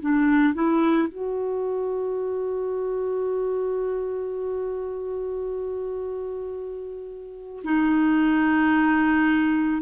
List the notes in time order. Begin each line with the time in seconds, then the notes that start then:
0.00 D4
0.54 E4
1.08 F#4
7.64 D#4